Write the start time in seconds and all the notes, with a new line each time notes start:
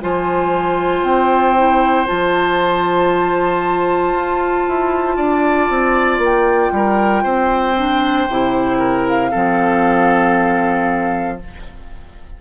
0.00 F3 F4 C5 G#5
1.03 C4 G5
1.56 E4
2.05 F3 F4 A5
4.13 F4
4.68 E4
5.16 D4 D5
5.69 C4
6.18 A#3 G5
6.72 G3 A#4
7.23 C4 C5
7.76 D4
8.29 C3 E4
8.79 A#4
9.07 F5
9.31 F3 C4 A4